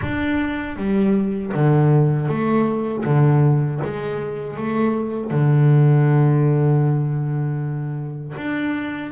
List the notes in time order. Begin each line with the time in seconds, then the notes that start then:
0.02 D4
0.76 G3
1.54 D3
2.28 A3
3.04 D3
3.83 G#3
4.56 A3
5.30 D3
8.36 D4